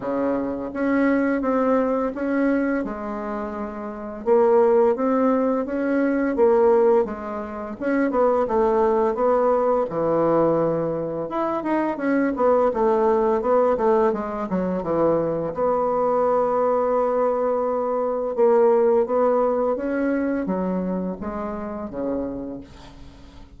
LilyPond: \new Staff \with { instrumentName = "bassoon" } { \time 4/4 \tempo 4 = 85 cis4 cis'4 c'4 cis'4 | gis2 ais4 c'4 | cis'4 ais4 gis4 cis'8 b8 | a4 b4 e2 |
e'8 dis'8 cis'8 b8 a4 b8 a8 | gis8 fis8 e4 b2~ | b2 ais4 b4 | cis'4 fis4 gis4 cis4 | }